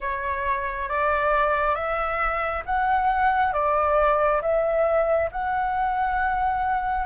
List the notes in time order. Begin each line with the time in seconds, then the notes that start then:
0.00 C#5
0.88 D5
1.74 E5
2.65 F#5
3.53 D5
4.41 E5
5.31 F#5